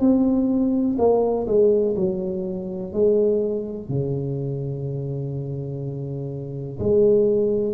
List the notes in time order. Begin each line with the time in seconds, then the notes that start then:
0.00 C4
0.98 A#3
1.47 G#3
1.96 F#3
2.93 G#3
3.88 C#3
6.79 G#3